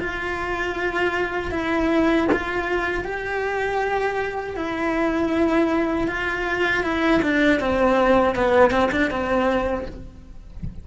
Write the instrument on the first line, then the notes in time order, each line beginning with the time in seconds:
cello
0.00 F4
1.52 E4
2.32 F4
3.05 G4
4.57 E4
6.08 F4
6.84 E4
7.22 D4
7.59 C4
8.35 B3
8.71 C4
8.92 D4
9.11 C4